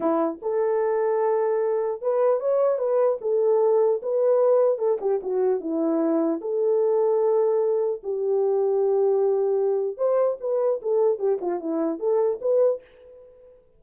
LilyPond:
\new Staff \with { instrumentName = "horn" } { \time 4/4 \tempo 4 = 150 e'4 a'2.~ | a'4 b'4 cis''4 b'4 | a'2 b'2 | a'8 g'8 fis'4 e'2 |
a'1 | g'1~ | g'4 c''4 b'4 a'4 | g'8 f'8 e'4 a'4 b'4 | }